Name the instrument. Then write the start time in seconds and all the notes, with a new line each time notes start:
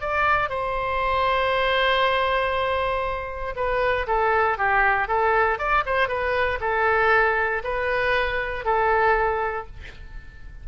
oboe
0.00 D5
0.49 C5
3.55 B4
4.07 A4
4.57 G4
5.08 A4
5.58 D5
5.85 C5
6.08 B4
6.60 A4
7.63 B4
8.65 A4